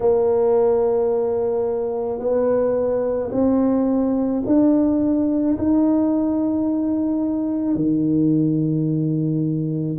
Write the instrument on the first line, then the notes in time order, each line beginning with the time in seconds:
tuba
0.00 A#3
2.19 B3
3.31 C4
4.45 D4
5.58 D#4
7.75 D#3